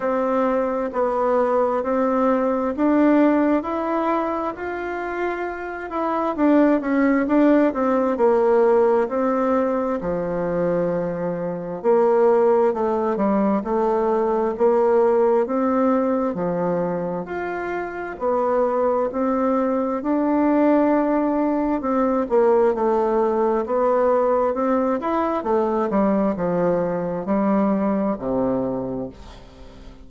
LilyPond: \new Staff \with { instrumentName = "bassoon" } { \time 4/4 \tempo 4 = 66 c'4 b4 c'4 d'4 | e'4 f'4. e'8 d'8 cis'8 | d'8 c'8 ais4 c'4 f4~ | f4 ais4 a8 g8 a4 |
ais4 c'4 f4 f'4 | b4 c'4 d'2 | c'8 ais8 a4 b4 c'8 e'8 | a8 g8 f4 g4 c4 | }